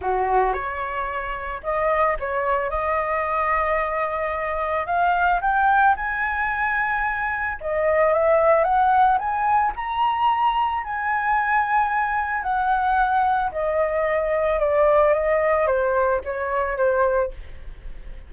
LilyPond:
\new Staff \with { instrumentName = "flute" } { \time 4/4 \tempo 4 = 111 fis'4 cis''2 dis''4 | cis''4 dis''2.~ | dis''4 f''4 g''4 gis''4~ | gis''2 dis''4 e''4 |
fis''4 gis''4 ais''2 | gis''2. fis''4~ | fis''4 dis''2 d''4 | dis''4 c''4 cis''4 c''4 | }